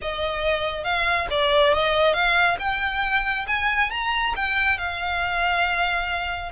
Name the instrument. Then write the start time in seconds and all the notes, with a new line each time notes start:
violin
0.01 D#5
0.83 F5
1.30 D5
1.73 D#5
2.13 F5
2.59 G5
3.47 G#5
3.90 A#5
4.36 G5
4.78 F5